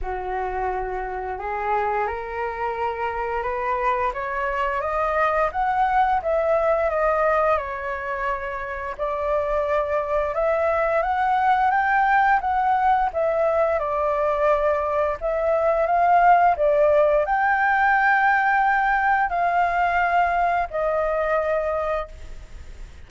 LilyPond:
\new Staff \with { instrumentName = "flute" } { \time 4/4 \tempo 4 = 87 fis'2 gis'4 ais'4~ | ais'4 b'4 cis''4 dis''4 | fis''4 e''4 dis''4 cis''4~ | cis''4 d''2 e''4 |
fis''4 g''4 fis''4 e''4 | d''2 e''4 f''4 | d''4 g''2. | f''2 dis''2 | }